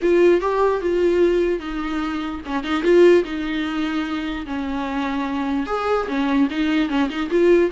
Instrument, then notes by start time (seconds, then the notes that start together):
viola
0.01 F4
0.41 G4
0.81 F4
1.59 D#4
2.45 C#4
2.63 D#4
2.83 F4
3.24 D#4
4.46 C#4
5.66 G#4
6.07 C#4
6.50 D#4
6.89 C#4
7.09 D#4
7.30 F4